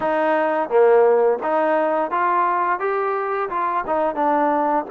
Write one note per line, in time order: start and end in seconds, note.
0.00 0.69 D#4
0.69 1.39 A#3
1.43 2.11 D#4
2.11 2.79 F4
2.79 3.49 G4
3.49 3.84 F4
3.87 4.15 D#4
4.15 4.85 D4